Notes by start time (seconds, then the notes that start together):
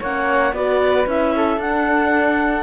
0.00 A#3 C#4 C#5 F#5
0.52 B3 F#4 B4 D5
1.06 C#4 E4 E5
1.35 A4
1.57 D4 F#5